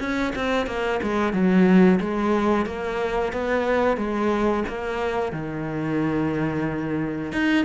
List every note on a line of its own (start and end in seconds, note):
0.00 0.33 C#4
0.35 0.67 C4
0.67 1.00 A#3
1.03 1.33 G#3
1.33 2.00 F#3
2.01 2.66 G#3
2.66 3.33 A#3
3.33 3.97 B3
3.97 4.64 G#3
4.68 5.33 A#3
5.33 7.32 D#3
7.32 7.65 D#4